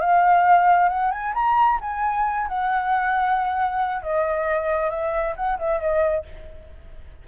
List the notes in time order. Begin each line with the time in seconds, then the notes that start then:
0.00 F5
0.88 F#5
1.11 G#5
1.34 A#5
1.80 G#5
2.47 F#5
4.02 D#5
4.89 E5
5.35 F#5
5.58 E5
5.80 D#5